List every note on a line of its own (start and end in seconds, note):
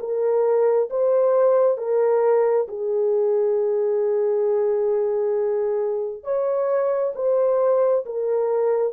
0.00 0.90 A#4
0.90 1.78 C5
1.78 2.67 A#4
2.68 6.24 G#4
6.24 7.13 C#5
7.15 8.05 C5
8.06 8.93 A#4